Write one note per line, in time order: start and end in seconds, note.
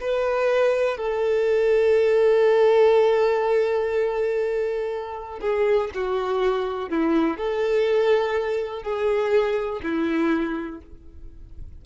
0.00 0.97 B4
0.97 5.39 A4
5.41 5.90 G#4
5.94 6.89 F#4
6.89 7.37 E4
7.37 8.82 A4
8.82 9.80 G#4
9.83 10.81 E4